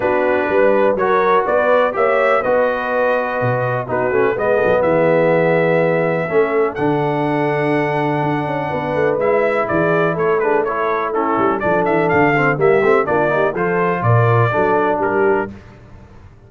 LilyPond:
<<
  \new Staff \with { instrumentName = "trumpet" } { \time 4/4 \tempo 4 = 124 b'2 cis''4 d''4 | e''4 dis''2. | b'4 dis''4 e''2~ | e''2 fis''2~ |
fis''2. e''4 | d''4 cis''8 b'8 cis''4 a'4 | d''8 e''8 f''4 e''4 d''4 | c''4 d''2 ais'4 | }
  \new Staff \with { instrumentName = "horn" } { \time 4/4 fis'4 b'4 ais'4 b'4 | cis''4 b'2. | fis'4 b'8 a'8 gis'2~ | gis'4 a'2.~ |
a'2 b'2 | gis'4 a'8 gis'8 a'4 e'4 | a'2 g'4 f'8 g'8 | a'4 ais'4 a'4 g'4 | }
  \new Staff \with { instrumentName = "trombone" } { \time 4/4 d'2 fis'2 | g'4 fis'2. | dis'8 cis'8 b2.~ | b4 cis'4 d'2~ |
d'2. e'4~ | e'4. d'8 e'4 cis'4 | d'4. c'8 ais8 c'8 d'8 dis'8 | f'2 d'2 | }
  \new Staff \with { instrumentName = "tuba" } { \time 4/4 b4 g4 fis4 b4 | ais4 b2 b,4 | b8 a8 gis8 fis8 e2~ | e4 a4 d2~ |
d4 d'8 cis'8 b8 a8 gis4 | e4 a2~ a8 g8 | f8 e8 d4 g8 a8 ais4 | f4 ais,4 fis4 g4 | }
>>